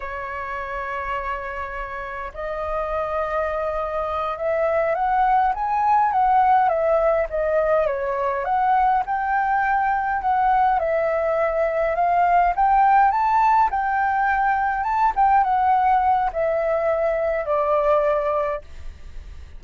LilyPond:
\new Staff \with { instrumentName = "flute" } { \time 4/4 \tempo 4 = 103 cis''1 | dis''2.~ dis''8 e''8~ | e''8 fis''4 gis''4 fis''4 e''8~ | e''8 dis''4 cis''4 fis''4 g''8~ |
g''4. fis''4 e''4.~ | e''8 f''4 g''4 a''4 g''8~ | g''4. a''8 g''8 fis''4. | e''2 d''2 | }